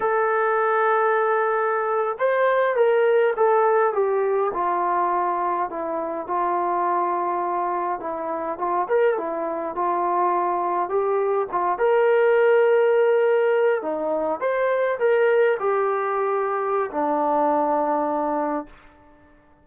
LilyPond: \new Staff \with { instrumentName = "trombone" } { \time 4/4 \tempo 4 = 103 a'2.~ a'8. c''16~ | c''8. ais'4 a'4 g'4 f'16~ | f'4.~ f'16 e'4 f'4~ f'16~ | f'4.~ f'16 e'4 f'8 ais'8 e'16~ |
e'8. f'2 g'4 f'16~ | f'16 ais'2.~ ais'8 dis'16~ | dis'8. c''4 ais'4 g'4~ g'16~ | g'4 d'2. | }